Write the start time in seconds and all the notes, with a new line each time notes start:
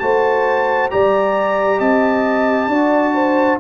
0.00 A3 F#4 C5 A5
0.91 G3 G4 D5 A#5
1.79 C4 D#5 A5
2.68 D4 F#4 D5
3.15 C5